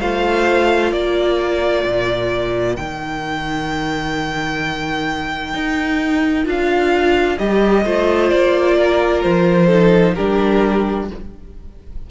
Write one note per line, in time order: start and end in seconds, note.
0.00 0.92 A3
0.00 2.78 F4
0.00 0.92 C5
0.00 0.92 F5
0.92 1.84 A#3
0.92 7.84 A#4
0.92 2.76 D5
1.85 2.77 A#2
2.76 5.53 D#3
2.76 6.45 D#4
2.76 6.45 G5
5.53 6.46 D#4
6.45 7.38 D4
6.45 7.37 F4
6.45 7.38 F5
7.38 7.85 G3
7.38 7.85 G4
7.38 8.30 D#5
7.85 8.31 A3
7.85 9.68 F4
7.85 8.77 C5
8.30 9.24 A#3
8.30 9.21 D5
8.77 9.66 A#4
9.21 10.17 F3
9.21 10.14 C5
9.66 10.15 D#4
9.66 10.12 A4
10.14 11.10 G3
10.14 11.09 D4
10.14 11.07 G4
10.14 11.06 A#4